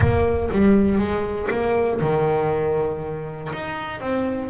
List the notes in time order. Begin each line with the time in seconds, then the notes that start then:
0.00 A#3
0.51 G3
0.98 G#3
1.50 A#3
2.00 D#3
3.52 D#4
4.00 C4